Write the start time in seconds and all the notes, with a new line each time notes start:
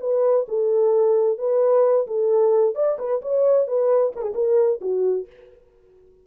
0.00 B4
0.48 A4
1.38 B4
2.07 A4
2.75 D5
2.98 B4
3.22 C#5
3.67 B4
4.15 A#4
4.21 G#4
4.34 A#4
4.81 F#4